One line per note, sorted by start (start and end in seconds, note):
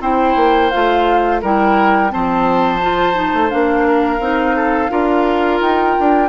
0.00 0.35 C4
0.00 0.71 E4
0.00 1.41 C5
0.00 0.70 G5
0.36 0.71 A#3
0.70 1.43 A3
0.70 1.42 F4
0.70 1.40 F5
1.41 2.12 G3
1.41 2.09 E4
1.41 2.11 A#4
1.41 2.12 G5
2.09 3.33 F3
2.09 2.79 C4
2.09 3.87 C5
2.09 3.50 A5
2.81 3.14 F4
3.14 3.49 D#4
3.33 3.50 A3
3.50 4.19 A#3
3.50 4.19 D4
3.50 5.59 F5
3.87 4.56 A#4
4.19 4.89 C4
4.19 4.89 D#4
4.56 4.90 A4
4.89 5.61 D4
4.89 6.28 F4
4.89 6.29 A#4
5.61 5.96 D#4
5.61 6.29 G5
5.99 6.29 D4